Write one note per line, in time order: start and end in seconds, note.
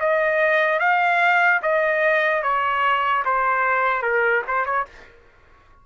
0.00 0.80 D#5
0.80 1.61 F5
1.63 2.43 D#5
2.43 3.24 C#5
3.26 4.03 C5
4.03 4.43 A#4
4.48 4.66 C5
4.66 4.86 C#5